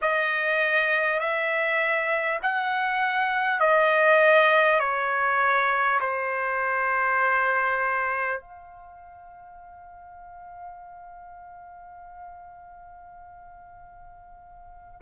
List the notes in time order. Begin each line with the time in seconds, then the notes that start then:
0.01 D#5
1.19 E5
2.42 F#5
3.60 D#5
4.79 C#5
6.00 C5
8.40 F5